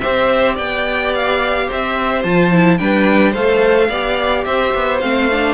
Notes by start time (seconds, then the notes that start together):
0.00 C4 G4 C5 E5
0.56 B3 D5 G5
1.15 F5
1.67 C4 C5 E5
2.24 F3 F4 A5
2.52 E4
2.78 G3 D4 B4 G5
3.32 A3 A4 C5 F5
3.89 B3 G4 D5
4.44 C4 C5 E5
4.75 B3
5.00 A3 C4 F5
5.32 D4